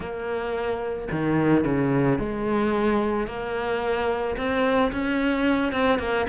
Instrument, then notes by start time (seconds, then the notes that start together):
cello
0.00 A#3
1.11 D#3
1.64 C#3
2.18 G#3
3.27 A#3
4.37 C4
4.91 C#4
5.72 C4
5.98 A#3